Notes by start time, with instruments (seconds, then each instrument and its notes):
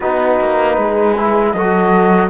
0.00 cello B3, trombone D#4, horn F#4, flute B4
0.40 cello A#3
0.77 cello G#3, horn G#4
1.17 trombone E4
1.51 cello F#3, trombone F#4, horn A4, flute D#5